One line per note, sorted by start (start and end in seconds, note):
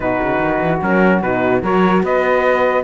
0.00 0.19 B2
0.00 0.80 D#4
0.00 1.62 F#4
0.00 0.80 B4
0.22 0.39 C#3
0.39 0.59 D#3
0.61 0.81 E3
0.81 1.22 F#3
0.81 1.22 C#4
0.81 1.22 A#4
1.22 1.62 B2
1.22 1.62 D#4
1.22 1.62 B4
1.62 2.02 F#3
1.62 2.84 F#4
1.62 2.02 A#4
1.62 2.04 C#5
2.02 2.84 B3
2.02 2.84 B4
2.02 2.84 D#5